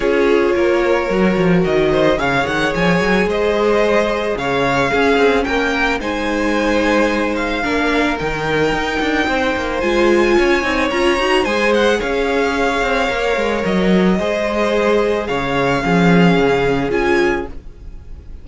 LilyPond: <<
  \new Staff \with { instrumentName = "violin" } { \time 4/4 \tempo 4 = 110 cis''2. dis''4 | f''8 fis''8 gis''4 dis''2 | f''2 g''4 gis''4~ | gis''4. f''4. g''4~ |
g''2 gis''2 | ais''4 gis''8 fis''8 f''2~ | f''4 dis''2. | f''2. gis''4 | }
  \new Staff \with { instrumentName = "violin" } { \time 4/4 gis'4 ais'2~ ais'8 c''8 | cis''2 c''2 | cis''4 gis'4 ais'4 c''4~ | c''2 ais'2~ |
ais'4 c''2 cis''4~ | cis''4 c''4 cis''2~ | cis''2 c''2 | cis''4 gis'2. | }
  \new Staff \with { instrumentName = "viola" } { \time 4/4 f'2 fis'2 | gis'1~ | gis'4 cis'2 dis'4~ | dis'2 d'4 dis'4~ |
dis'2 f'4. dis'8 | f'8 fis'8 gis'2. | ais'2 gis'2~ | gis'4 cis'2 f'4 | }
  \new Staff \with { instrumentName = "cello" } { \time 4/4 cis'4 ais4 fis8 f8 dis4 | cis8 dis8 f8 fis8 gis2 | cis4 cis'8 c'8 ais4 gis4~ | gis2 ais4 dis4 |
dis'8 d'8 c'8 ais8 gis4 cis'8 c'8 | cis'8 dis'8 gis4 cis'4. c'8 | ais8 gis8 fis4 gis2 | cis4 f4 cis4 cis'4 | }
>>